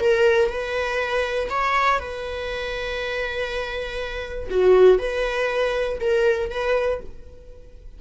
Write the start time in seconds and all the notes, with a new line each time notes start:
0.00 A#4
0.49 B4
1.50 C#5
2.00 B4
4.50 F#4
4.99 B4
6.00 A#4
6.51 B4